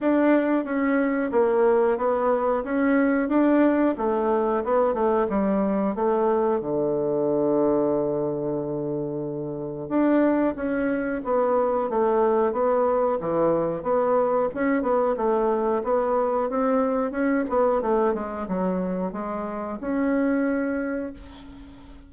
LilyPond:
\new Staff \with { instrumentName = "bassoon" } { \time 4/4 \tempo 4 = 91 d'4 cis'4 ais4 b4 | cis'4 d'4 a4 b8 a8 | g4 a4 d2~ | d2. d'4 |
cis'4 b4 a4 b4 | e4 b4 cis'8 b8 a4 | b4 c'4 cis'8 b8 a8 gis8 | fis4 gis4 cis'2 | }